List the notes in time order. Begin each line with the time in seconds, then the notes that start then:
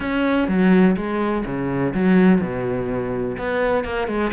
0.00 C#4
0.48 F#3
0.96 G#3
1.45 C#3
1.94 F#3
2.41 B2
3.38 B3
3.84 A#3
4.07 G#3